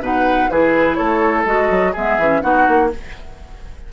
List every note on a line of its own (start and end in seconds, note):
0.00 0.48 B2
0.00 0.50 D#4
0.00 0.50 B4
0.00 0.50 F#5
0.50 0.99 E3
0.50 1.46 E4
0.50 0.97 G#4
0.50 0.95 B4
0.95 1.45 A3
0.95 1.92 A4
0.95 1.43 C#5
1.45 1.70 G#3
1.45 1.94 F#4
1.45 1.94 D#5
1.70 1.94 F#3
1.92 2.18 G#3
1.92 2.20 B3
1.92 2.41 G#4
1.92 2.41 E5
2.18 2.42 E3
2.18 2.42 C#4
2.41 2.67 B3
2.41 2.90 D#4
2.41 2.91 F#4
2.41 2.89 F#5
2.68 2.93 A#3